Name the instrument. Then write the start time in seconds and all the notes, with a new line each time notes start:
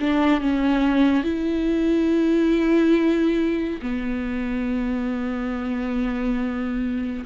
viola
0.00 D4
0.40 C#4
1.23 E4
3.81 B3